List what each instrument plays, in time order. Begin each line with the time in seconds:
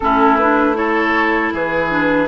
0.00 bassoon A3, clarinet C#4, oboe E4, flute A4
0.36 clarinet D4, flute B4
0.74 clarinet E4, oboe A4, flute C#5
1.53 bassoon E3, oboe G#4, flute B4
1.90 clarinet D4